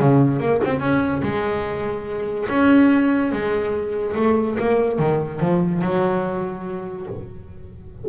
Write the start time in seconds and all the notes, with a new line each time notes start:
0.00 C#3
0.41 A#3
0.65 C4
0.80 C#4
1.23 G#3
2.50 C#4
3.32 G#3
4.16 A3
4.60 A#3
4.99 D#3
5.41 F3
5.82 F#3